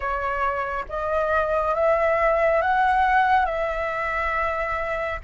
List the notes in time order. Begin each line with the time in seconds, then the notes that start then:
0.00 C#5
0.89 D#5
1.74 E5
2.61 F#5
3.45 E5